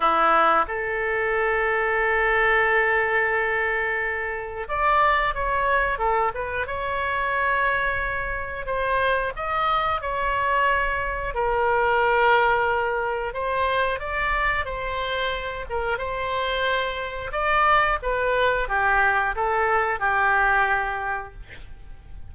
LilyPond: \new Staff \with { instrumentName = "oboe" } { \time 4/4 \tempo 4 = 90 e'4 a'2.~ | a'2. d''4 | cis''4 a'8 b'8 cis''2~ | cis''4 c''4 dis''4 cis''4~ |
cis''4 ais'2. | c''4 d''4 c''4. ais'8 | c''2 d''4 b'4 | g'4 a'4 g'2 | }